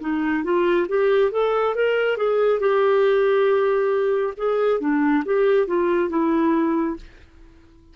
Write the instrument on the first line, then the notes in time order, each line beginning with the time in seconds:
clarinet
0.00 D#4
0.43 F4
0.88 G4
1.31 A4
1.75 A#4
2.17 G#4
2.59 G4
4.37 G#4
4.80 D4
5.25 G4
5.66 F4
6.09 E4